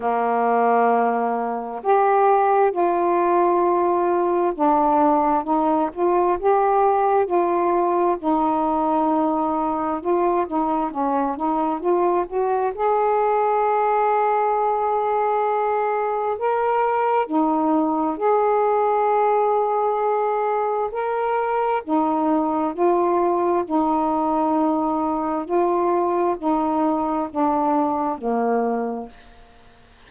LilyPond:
\new Staff \with { instrumentName = "saxophone" } { \time 4/4 \tempo 4 = 66 ais2 g'4 f'4~ | f'4 d'4 dis'8 f'8 g'4 | f'4 dis'2 f'8 dis'8 | cis'8 dis'8 f'8 fis'8 gis'2~ |
gis'2 ais'4 dis'4 | gis'2. ais'4 | dis'4 f'4 dis'2 | f'4 dis'4 d'4 ais4 | }